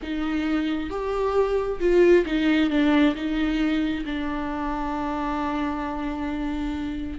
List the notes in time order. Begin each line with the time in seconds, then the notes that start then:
0.02 D#4
0.90 G4
1.80 F4
2.25 D#4
2.69 D4
3.15 D#4
4.05 D4